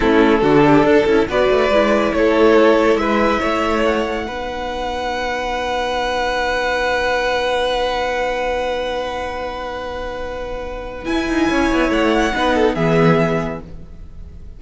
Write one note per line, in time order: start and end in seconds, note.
0.00 0.42 A3
0.00 0.41 C#4
0.00 0.40 E4
0.00 1.24 A4
0.41 0.83 D3
0.41 1.07 D4
0.41 0.62 F#4
0.65 0.85 G4
0.83 1.05 D4
0.83 1.28 A4
1.06 1.27 C#4
1.06 1.28 E4
1.27 1.48 B3
1.27 1.71 F#4
1.27 2.13 B4
1.27 2.13 D5
1.50 1.69 A3
1.69 2.12 G#3
1.69 4.26 E4
2.13 2.94 A3
2.13 3.00 A4
2.13 2.97 C#5
2.94 3.37 G#3
2.94 3.40 B4
2.94 3.82 E5
3.40 4.27 A3
3.40 4.25 C#5
3.84 11.04 F#5
4.26 11.08 B3
4.26 11.05 D#4
4.26 11.49 B4
11.04 12.32 E4
11.04 11.28 E4
11.04 11.89 G#5
11.28 11.50 D#4
11.49 11.71 C#4
11.49 12.34 C#5
11.72 11.89 B3
11.89 12.32 A3
11.89 12.74 F#5
12.34 12.75 B3
12.34 12.77 D#4
12.34 12.54 B4
12.54 12.74 A4
12.74 13.60 E3
12.74 13.62 B3
12.74 13.59 G#4
12.74 13.60 E5